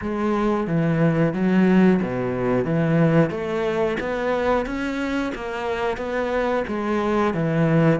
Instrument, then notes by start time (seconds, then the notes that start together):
cello
0.01 G#3
0.67 E3
1.33 F#3
2.02 B2
2.65 E3
3.30 A3
4.00 B3
4.65 C#4
5.34 A#3
5.97 B3
6.67 G#3
7.33 E3